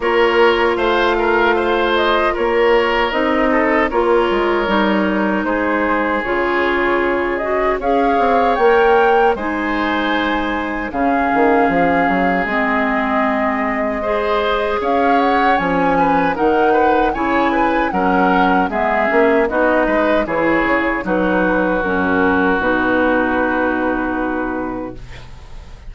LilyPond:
<<
  \new Staff \with { instrumentName = "flute" } { \time 4/4 \tempo 4 = 77 cis''4 f''4. dis''8 cis''4 | dis''4 cis''2 c''4 | cis''4. dis''8 f''4 g''4 | gis''2 f''2 |
dis''2. f''8 fis''8 | gis''4 fis''4 gis''4 fis''4 | e''4 dis''4 cis''4 b'4 | ais'4 b'2. | }
  \new Staff \with { instrumentName = "oboe" } { \time 4/4 ais'4 c''8 ais'8 c''4 ais'4~ | ais'8 a'8 ais'2 gis'4~ | gis'2 cis''2 | c''2 gis'2~ |
gis'2 c''4 cis''4~ | cis''8 b'8 ais'8 b'8 cis''8 b'8 ais'4 | gis'4 fis'8 b'8 gis'4 fis'4~ | fis'1 | }
  \new Staff \with { instrumentName = "clarinet" } { \time 4/4 f'1 | dis'4 f'4 dis'2 | f'4. fis'8 gis'4 ais'4 | dis'2 cis'2 |
c'2 gis'2 | cis'4 dis'4 e'4 cis'4 | b8 cis'8 dis'4 e'4 dis'4 | cis'4 dis'2. | }
  \new Staff \with { instrumentName = "bassoon" } { \time 4/4 ais4 a2 ais4 | c'4 ais8 gis8 g4 gis4 | cis2 cis'8 c'8 ais4 | gis2 cis8 dis8 f8 fis8 |
gis2. cis'4 | f4 dis4 cis4 fis4 | gis8 ais8 b8 gis8 e8 cis8 fis4 | fis,4 b,2. | }
>>